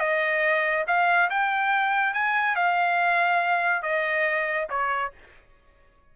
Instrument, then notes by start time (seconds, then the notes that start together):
trumpet
0.00 D#5
0.88 F5
1.30 G5
2.14 G#5
2.56 F5
3.83 D#5
4.70 C#5